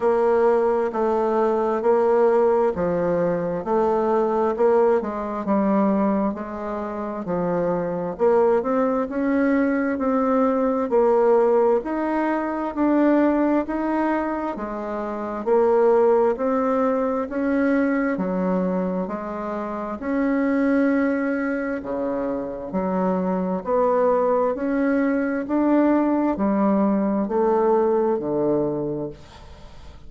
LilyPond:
\new Staff \with { instrumentName = "bassoon" } { \time 4/4 \tempo 4 = 66 ais4 a4 ais4 f4 | a4 ais8 gis8 g4 gis4 | f4 ais8 c'8 cis'4 c'4 | ais4 dis'4 d'4 dis'4 |
gis4 ais4 c'4 cis'4 | fis4 gis4 cis'2 | cis4 fis4 b4 cis'4 | d'4 g4 a4 d4 | }